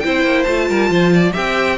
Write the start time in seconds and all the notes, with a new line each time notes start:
0.00 C4 E4 C5 G5
0.24 A#3
0.44 A3 F4 A5
0.69 G3 A#4
0.90 F3 C5
1.14 D5
1.33 C4 G4 E5 G5